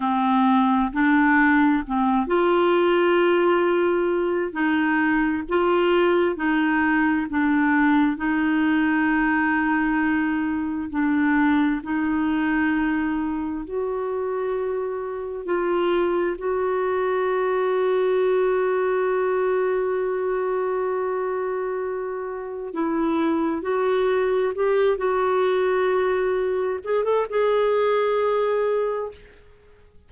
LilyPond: \new Staff \with { instrumentName = "clarinet" } { \time 4/4 \tempo 4 = 66 c'4 d'4 c'8 f'4.~ | f'4 dis'4 f'4 dis'4 | d'4 dis'2. | d'4 dis'2 fis'4~ |
fis'4 f'4 fis'2~ | fis'1~ | fis'4 e'4 fis'4 g'8 fis'8~ | fis'4. gis'16 a'16 gis'2 | }